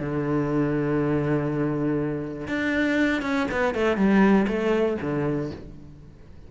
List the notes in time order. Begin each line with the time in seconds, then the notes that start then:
0.00 D3
2.48 D4
3.22 C#4
3.51 B3
3.74 A3
3.97 G3
4.48 A3
5.01 D3